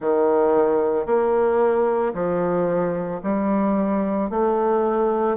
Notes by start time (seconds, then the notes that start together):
0.00 D#3
1.06 A#3
2.13 F3
3.23 G3
4.30 A3